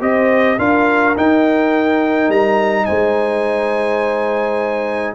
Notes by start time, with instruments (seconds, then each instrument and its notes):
0.00 tuba C4, trombone G4, horn C5, trumpet D#5
0.58 tuba D4, trombone F4, horn A#4, trumpet F5
1.17 tuba D#4, trombone D#4, trumpet G5
2.29 tuba G3, trumpet A#5
2.85 tuba G#3, horn C5, trumpet G#5